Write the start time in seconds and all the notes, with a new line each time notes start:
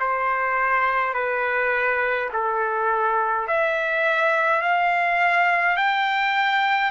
0.00 C5
1.14 B4
2.33 A4
3.48 E5
4.63 F5
5.77 G5